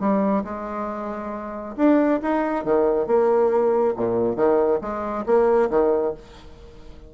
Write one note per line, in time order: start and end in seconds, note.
0.00 0.44 G3
0.44 1.76 G#3
1.77 2.20 D4
2.22 2.65 D#4
2.65 3.07 D#3
3.07 3.94 A#3
3.96 4.36 A#2
4.36 4.80 D#3
4.81 5.25 G#3
5.26 5.70 A#3
5.70 6.14 D#3